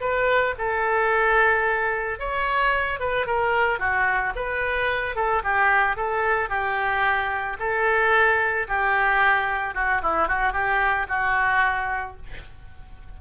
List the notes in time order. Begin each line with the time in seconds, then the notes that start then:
0.00 B4
0.58 A4
2.19 C#5
2.99 B4
3.26 A#4
3.79 F#4
4.35 B4
5.15 A4
5.43 G4
5.96 A4
6.49 G4
7.59 A4
8.68 G4
9.74 F#4
10.02 E4
10.28 F#4
10.52 G4
11.08 F#4